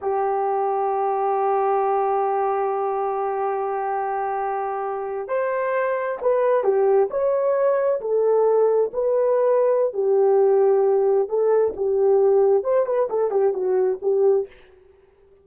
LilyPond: \new Staff \with { instrumentName = "horn" } { \time 4/4 \tempo 4 = 133 g'1~ | g'1~ | g'2.~ g'8. c''16~ | c''4.~ c''16 b'4 g'4 cis''16~ |
cis''4.~ cis''16 a'2 b'16~ | b'2 g'2~ | g'4 a'4 g'2 | c''8 b'8 a'8 g'8 fis'4 g'4 | }